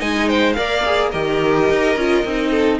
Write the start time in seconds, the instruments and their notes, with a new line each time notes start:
0.00 cello G#3, viola D#4, violin D#5 G#5
0.28 violin C5 G5
0.53 cello A#3, viola A#4, violin D5 F5
0.86 viola G#4
1.10 cello D#3, viola G4, violin A#4 D#5
1.70 cello D#4
1.96 cello C#4, viola F4
2.25 cello C4, viola D#4
2.51 violin A4